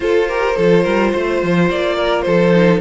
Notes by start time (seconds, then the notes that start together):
0.00 F4 A4 C5
0.28 G4 A#4
0.56 F3 F4 A4
0.82 G3 A#4
1.12 A3 C5
1.42 F3
1.70 A#3 D5
1.96 A#4
2.21 F3 A4 C5
2.52 D#4